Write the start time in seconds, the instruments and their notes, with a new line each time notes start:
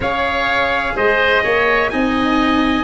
0.00 tuba C#4, cello G#4, oboe C#5, trumpet F5
0.94 tuba G#3, oboe C5, trumpet D#5
1.43 tuba A#3, oboe C#5
1.89 tuba C4, cello D#4, oboe D#5, trumpet G#5